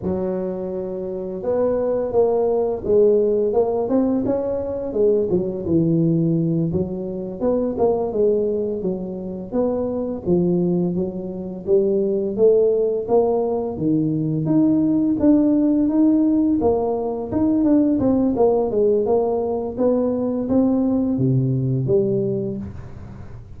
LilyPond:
\new Staff \with { instrumentName = "tuba" } { \time 4/4 \tempo 4 = 85 fis2 b4 ais4 | gis4 ais8 c'8 cis'4 gis8 fis8 | e4. fis4 b8 ais8 gis8~ | gis8 fis4 b4 f4 fis8~ |
fis8 g4 a4 ais4 dis8~ | dis8 dis'4 d'4 dis'4 ais8~ | ais8 dis'8 d'8 c'8 ais8 gis8 ais4 | b4 c'4 c4 g4 | }